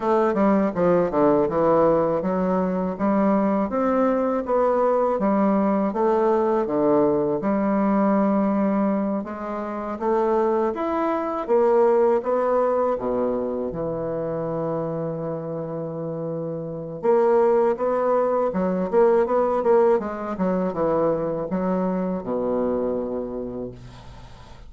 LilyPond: \new Staff \with { instrumentName = "bassoon" } { \time 4/4 \tempo 4 = 81 a8 g8 f8 d8 e4 fis4 | g4 c'4 b4 g4 | a4 d4 g2~ | g8 gis4 a4 e'4 ais8~ |
ais8 b4 b,4 e4.~ | e2. ais4 | b4 fis8 ais8 b8 ais8 gis8 fis8 | e4 fis4 b,2 | }